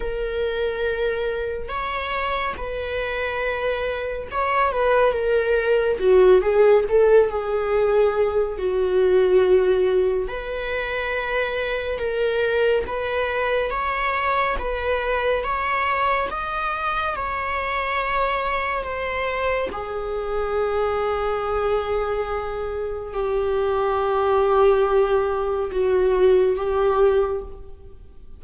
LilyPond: \new Staff \with { instrumentName = "viola" } { \time 4/4 \tempo 4 = 70 ais'2 cis''4 b'4~ | b'4 cis''8 b'8 ais'4 fis'8 gis'8 | a'8 gis'4. fis'2 | b'2 ais'4 b'4 |
cis''4 b'4 cis''4 dis''4 | cis''2 c''4 gis'4~ | gis'2. g'4~ | g'2 fis'4 g'4 | }